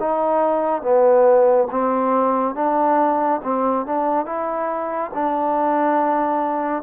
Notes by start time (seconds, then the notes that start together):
0.00 D#4
0.82 B3
1.71 C4
2.55 D4
3.44 C4
3.86 D4
4.26 E4
5.14 D4